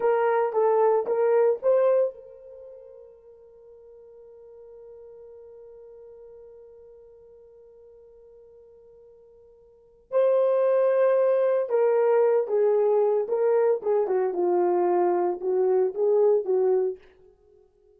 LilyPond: \new Staff \with { instrumentName = "horn" } { \time 4/4 \tempo 4 = 113 ais'4 a'4 ais'4 c''4 | ais'1~ | ais'1~ | ais'1~ |
ais'2. c''4~ | c''2 ais'4. gis'8~ | gis'4 ais'4 gis'8 fis'8 f'4~ | f'4 fis'4 gis'4 fis'4 | }